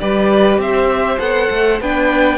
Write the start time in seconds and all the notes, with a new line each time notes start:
0.00 G3 G4 B4 D5
0.58 C4 C5 E5
1.19 B3 A4 F#5
1.51 A3
1.81 B3 D4 B4 G5